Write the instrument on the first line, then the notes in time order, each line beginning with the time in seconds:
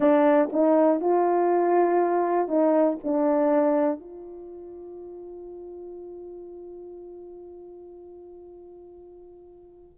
horn
0.00 D4
0.52 D#4
1.00 F4
2.48 D#4
3.03 D4
4.00 F4